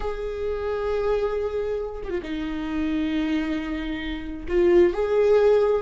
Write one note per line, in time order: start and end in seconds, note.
0.00 2.01 G#4
2.04 2.10 G4
2.10 2.21 F4
2.22 4.46 D#4
4.48 4.93 F4
4.93 5.82 G#4